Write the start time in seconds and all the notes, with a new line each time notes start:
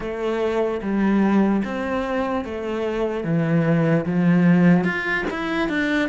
0.00 A3
0.81 G3
1.64 C4
2.44 A3
3.24 E3
4.05 F3
4.84 F4
5.30 E4
5.68 D4